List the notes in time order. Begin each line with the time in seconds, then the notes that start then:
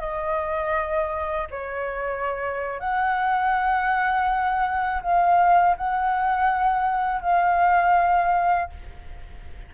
0.00 D#5
1.51 C#5
2.80 F#5
5.03 F5
5.77 F#5
7.22 F5